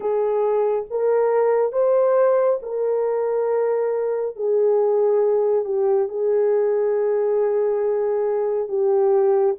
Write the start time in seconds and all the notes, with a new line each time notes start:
0.00 G#4
0.90 A#4
1.72 C5
2.62 A#4
4.36 G#4
5.64 G4
6.08 G#4
8.68 G4